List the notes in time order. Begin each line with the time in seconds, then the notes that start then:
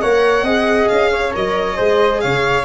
0.00 A#3 A#4 C#5 F#5
0.42 C4 G#4 D#5
0.88 C#4 F5
1.12 C#5
1.32 F#3 A#4 D#5
1.74 G#3 G#4 C5
2.20 C#3 C#5 F5